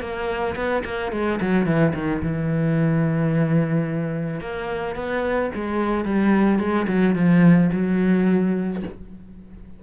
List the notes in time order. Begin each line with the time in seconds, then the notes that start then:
0.00 A#3
0.55 B3
0.84 A#3
1.12 G#3
1.40 F#3
1.65 E3
1.94 D#3
2.22 E3
4.40 A#3
4.95 B3
5.54 G#3
6.05 G3
6.59 G#3
6.87 F#3
7.15 F3
7.72 F#3